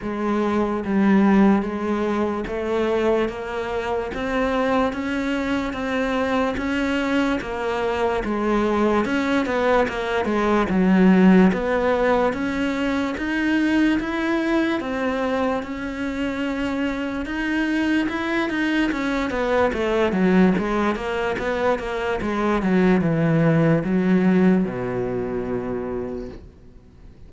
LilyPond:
\new Staff \with { instrumentName = "cello" } { \time 4/4 \tempo 4 = 73 gis4 g4 gis4 a4 | ais4 c'4 cis'4 c'4 | cis'4 ais4 gis4 cis'8 b8 | ais8 gis8 fis4 b4 cis'4 |
dis'4 e'4 c'4 cis'4~ | cis'4 dis'4 e'8 dis'8 cis'8 b8 | a8 fis8 gis8 ais8 b8 ais8 gis8 fis8 | e4 fis4 b,2 | }